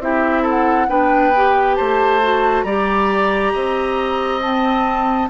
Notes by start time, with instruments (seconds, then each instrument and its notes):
0.00 bassoon C4, clarinet E4, oboe G4, flute E5
0.43 oboe A4
0.49 flute F#5
0.88 bassoon B3, clarinet D4, oboe B4, flute G5
1.36 clarinet G4
1.76 bassoon A3, oboe C5, flute A5
2.22 clarinet F#4
2.64 bassoon G3, clarinet G4, oboe D5, flute A#5
3.53 bassoon C4, oboe D#5
4.41 clarinet C4, flute A5